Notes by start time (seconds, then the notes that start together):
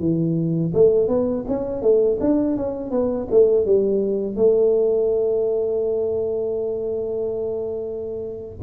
0.00 E3
0.74 A3
1.08 B3
1.48 C#4
1.82 A3
2.21 D4
2.57 C#4
2.91 B3
3.31 A3
3.66 G3
4.36 A3